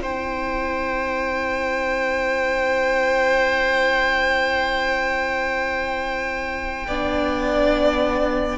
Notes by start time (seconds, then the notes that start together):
0.00 C4 E4 C5 G5
6.88 B3 D4 D5